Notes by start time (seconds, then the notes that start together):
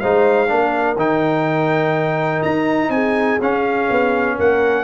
0.00 G#3 D#4 C5 F5
0.47 A#3 D4 A#4
0.96 D#3 D#4 G5
2.42 D#4 A#5
2.89 C4 G#4 G#5
3.40 C#4 F5
3.90 B3
4.36 A#3 A#4 F#5